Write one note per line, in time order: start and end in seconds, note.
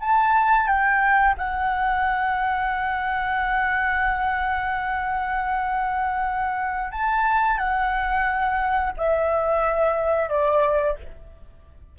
0.00 0.67 A5
0.67 1.35 G5
1.38 6.92 F#5
6.92 7.58 A5
7.58 8.93 F#5
8.97 10.29 E5
10.29 10.96 D5